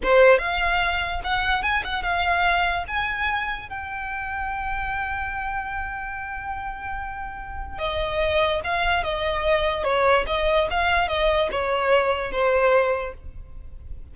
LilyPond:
\new Staff \with { instrumentName = "violin" } { \time 4/4 \tempo 4 = 146 c''4 f''2 fis''4 | gis''8 fis''8 f''2 gis''4~ | gis''4 g''2.~ | g''1~ |
g''2. dis''4~ | dis''4 f''4 dis''2 | cis''4 dis''4 f''4 dis''4 | cis''2 c''2 | }